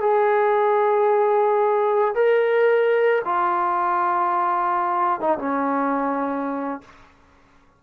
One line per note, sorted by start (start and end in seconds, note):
0.00 2.14 G#4
2.15 3.22 A#4
3.25 5.20 F4
5.20 5.38 D#4
5.38 6.81 C#4